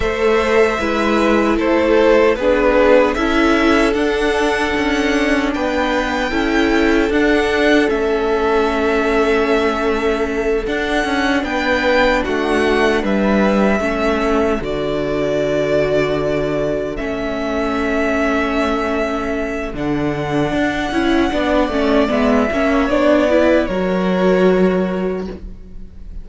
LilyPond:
<<
  \new Staff \with { instrumentName = "violin" } { \time 4/4 \tempo 4 = 76 e''2 c''4 b'4 | e''4 fis''2 g''4~ | g''4 fis''4 e''2~ | e''4. fis''4 g''4 fis''8~ |
fis''8 e''2 d''4.~ | d''4. e''2~ e''8~ | e''4 fis''2. | e''4 d''4 cis''2 | }
  \new Staff \with { instrumentName = "violin" } { \time 4/4 c''4 b'4 a'4 gis'4 | a'2. b'4 | a'1~ | a'2~ a'8 b'4 fis'8~ |
fis'8 b'4 a'2~ a'8~ | a'1~ | a'2. d''4~ | d''8 cis''4 b'8 ais'2 | }
  \new Staff \with { instrumentName = "viola" } { \time 4/4 a'4 e'2 d'4 | e'4 d'2. | e'4 d'4 cis'2~ | cis'4. d'2~ d'8~ |
d'4. cis'4 fis'4.~ | fis'4. cis'2~ cis'8~ | cis'4 d'4. e'8 d'8 cis'8 | b8 cis'8 d'8 e'8 fis'2 | }
  \new Staff \with { instrumentName = "cello" } { \time 4/4 a4 gis4 a4 b4 | cis'4 d'4 cis'4 b4 | cis'4 d'4 a2~ | a4. d'8 cis'8 b4 a8~ |
a8 g4 a4 d4.~ | d4. a2~ a8~ | a4 d4 d'8 cis'8 b8 a8 | gis8 ais8 b4 fis2 | }
>>